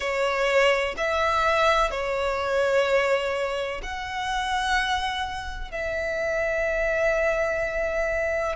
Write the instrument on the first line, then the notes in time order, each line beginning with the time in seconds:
violin
0.00 C#5
0.97 E5
1.90 C#5
3.82 F#5
5.71 E5